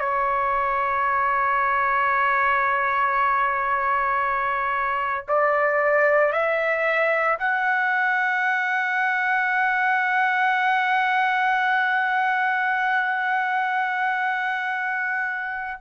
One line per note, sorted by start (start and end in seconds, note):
0.00 5.26 C#5
5.28 6.33 D5
6.33 7.38 E5
7.39 15.81 F#5